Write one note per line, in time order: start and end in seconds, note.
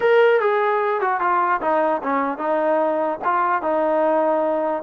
0.00 0.40 A#4
0.40 1.01 G#4
1.01 1.20 F#4
1.20 1.60 F4
1.61 2.01 D#4
2.02 2.38 C#4
2.38 3.18 D#4
3.24 3.61 F4
3.61 4.82 D#4